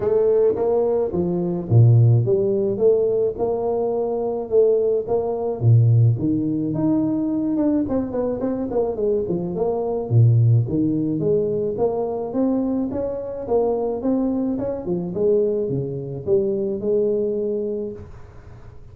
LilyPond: \new Staff \with { instrumentName = "tuba" } { \time 4/4 \tempo 4 = 107 a4 ais4 f4 ais,4 | g4 a4 ais2 | a4 ais4 ais,4 dis4 | dis'4. d'8 c'8 b8 c'8 ais8 |
gis8 f8 ais4 ais,4 dis4 | gis4 ais4 c'4 cis'4 | ais4 c'4 cis'8 f8 gis4 | cis4 g4 gis2 | }